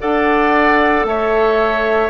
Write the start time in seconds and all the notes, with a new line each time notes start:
0.00 D4 A4 D5 F#5
1.04 A3 C#5 E5